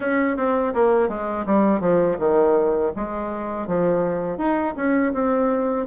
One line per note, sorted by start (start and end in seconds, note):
0.00 0.37 C#4
0.37 0.73 C4
0.74 1.08 A#3
1.08 1.45 G#3
1.46 1.80 G3
1.80 2.17 F3
2.19 2.92 D#3
2.96 3.67 G#3
3.67 4.37 F3
4.37 4.74 D#4
4.76 5.13 C#4
5.13 5.86 C4